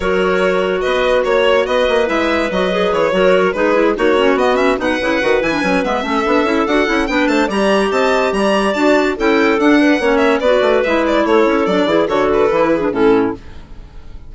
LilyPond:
<<
  \new Staff \with { instrumentName = "violin" } { \time 4/4 \tempo 4 = 144 cis''2 dis''4 cis''4 | dis''4 e''4 dis''4 cis''4~ | cis''8 b'4 cis''4 dis''8 e''8 fis''8~ | fis''4 gis''4 e''2 |
fis''4 g''8 a''8 ais''4 a''4 | ais''4 a''4 g''4 fis''4~ | fis''8 e''8 d''4 e''8 d''8 cis''4 | d''4 cis''8 b'4. a'4 | }
  \new Staff \with { instrumentName = "clarinet" } { \time 4/4 ais'2 b'4 cis''4 | b'2.~ b'8 ais'8~ | ais'8 gis'4 fis'2 b'8~ | b'2~ b'8 a'4.~ |
a'4 b'8 c''8 d''4 dis''4 | d''2 a'4. b'8 | cis''4 b'2 a'4~ | a'8 gis'8 a'4. gis'8 e'4 | }
  \new Staff \with { instrumentName = "clarinet" } { \time 4/4 fis'1~ | fis'4 e'4 fis'8 gis'4 fis'8~ | fis'8 dis'8 e'8 dis'8 cis'8 b8 cis'8 dis'8 | e'8 fis'8 e'16 d'16 cis'8 b8 cis'8 d'8 e'8 |
fis'8 e'8 d'4 g'2~ | g'4 fis'4 e'4 d'4 | cis'4 fis'4 e'2 | d'8 e'8 fis'4 e'8. d'16 cis'4 | }
  \new Staff \with { instrumentName = "bassoon" } { \time 4/4 fis2 b4 ais4 | b8 ais8 gis4 fis4 e8 fis8~ | fis8 gis4 ais4 b4 b,8 | cis8 dis8 e8 fis8 gis8 a8 b8 cis'8 |
d'8 cis'8 b8 a8 g4 c'4 | g4 d'4 cis'4 d'4 | ais4 b8 a8 gis4 a8 cis'8 | fis8 e8 d4 e4 a,4 | }
>>